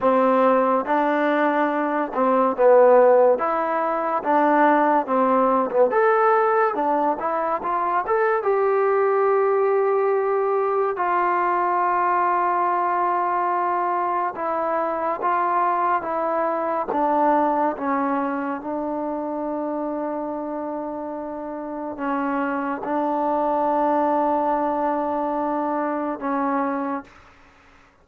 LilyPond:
\new Staff \with { instrumentName = "trombone" } { \time 4/4 \tempo 4 = 71 c'4 d'4. c'8 b4 | e'4 d'4 c'8. b16 a'4 | d'8 e'8 f'8 a'8 g'2~ | g'4 f'2.~ |
f'4 e'4 f'4 e'4 | d'4 cis'4 d'2~ | d'2 cis'4 d'4~ | d'2. cis'4 | }